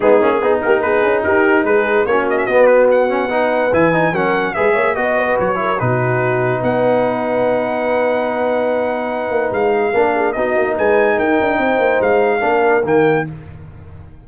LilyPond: <<
  \new Staff \with { instrumentName = "trumpet" } { \time 4/4 \tempo 4 = 145 gis'4. ais'8 b'4 ais'4 | b'4 cis''8 dis''16 e''16 dis''8 b'8 fis''4~ | fis''4 gis''4 fis''4 e''4 | dis''4 cis''4 b'2 |
fis''1~ | fis''2. f''4~ | f''4 dis''4 gis''4 g''4~ | g''4 f''2 g''4 | }
  \new Staff \with { instrumentName = "horn" } { \time 4/4 dis'4 gis'8 g'8 gis'4 g'4 | gis'4 fis'2. | b'2 ais'4 b'8 cis''8 | dis''8 b'4 ais'8 fis'2 |
b'1~ | b'1 | ais'8 gis'8 fis'4 b'4 ais'4 | c''2 ais'2 | }
  \new Staff \with { instrumentName = "trombone" } { \time 4/4 b8 cis'8 dis'2.~ | dis'4 cis'4 b4. cis'8 | dis'4 e'8 dis'8 cis'4 gis'4 | fis'4. e'8 dis'2~ |
dis'1~ | dis'1 | d'4 dis'2.~ | dis'2 d'4 ais4 | }
  \new Staff \with { instrumentName = "tuba" } { \time 4/4 gis8 ais8 b8 ais8 b8 cis'8 dis'4 | gis4 ais4 b2~ | b4 e4 fis4 gis8 ais8 | b4 fis4 b,2 |
b1~ | b2~ b8 ais8 gis4 | ais4 b8 ais8 gis4 dis'8 d'8 | c'8 ais8 gis4 ais4 dis4 | }
>>